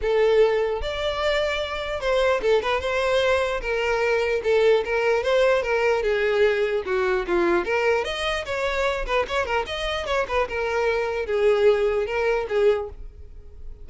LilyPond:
\new Staff \with { instrumentName = "violin" } { \time 4/4 \tempo 4 = 149 a'2 d''2~ | d''4 c''4 a'8 b'8 c''4~ | c''4 ais'2 a'4 | ais'4 c''4 ais'4 gis'4~ |
gis'4 fis'4 f'4 ais'4 | dis''4 cis''4. b'8 cis''8 ais'8 | dis''4 cis''8 b'8 ais'2 | gis'2 ais'4 gis'4 | }